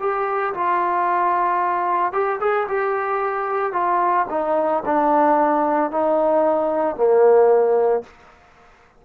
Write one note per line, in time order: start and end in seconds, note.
0.00 0.54 G4
0.54 2.12 F4
2.12 2.39 G4
2.40 2.67 G#4
2.68 3.73 G4
3.73 4.27 F4
4.30 4.84 D#4
4.86 5.91 D4
5.91 6.96 D#4
6.96 8.04 A#3